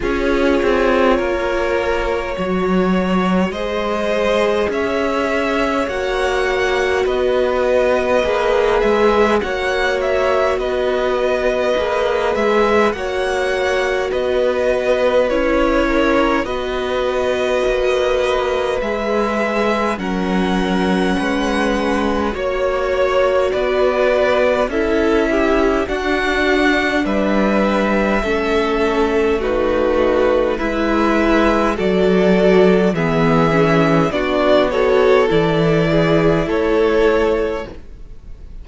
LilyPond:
<<
  \new Staff \with { instrumentName = "violin" } { \time 4/4 \tempo 4 = 51 cis''2. dis''4 | e''4 fis''4 dis''4. e''8 | fis''8 e''8 dis''4. e''8 fis''4 | dis''4 cis''4 dis''2 |
e''4 fis''2 cis''4 | d''4 e''4 fis''4 e''4~ | e''4 b'4 e''4 d''4 | e''4 d''8 cis''8 d''4 cis''4 | }
  \new Staff \with { instrumentName = "violin" } { \time 4/4 gis'4 ais'4 cis''4 c''4 | cis''2 b'2 | cis''4 b'2 cis''4 | b'4. ais'8 b'2~ |
b'4 ais'4 b'4 cis''4 | b'4 a'8 g'8 fis'4 b'4 | a'4 fis'4 b'4 a'4 | gis'4 fis'8 a'4 gis'8 a'4 | }
  \new Staff \with { instrumentName = "viola" } { \time 4/4 f'2 fis'4 gis'4~ | gis'4 fis'2 gis'4 | fis'2 gis'4 fis'4~ | fis'4 e'4 fis'2 |
gis'4 cis'2 fis'4~ | fis'4 e'4 d'2 | cis'4 dis'4 e'4 fis'4 | b8 cis'8 d'8 fis'8 e'2 | }
  \new Staff \with { instrumentName = "cello" } { \time 4/4 cis'8 c'8 ais4 fis4 gis4 | cis'4 ais4 b4 ais8 gis8 | ais4 b4 ais8 gis8 ais4 | b4 cis'4 b4 ais4 |
gis4 fis4 gis4 ais4 | b4 cis'4 d'4 g4 | a2 gis4 fis4 | e4 b4 e4 a4 | }
>>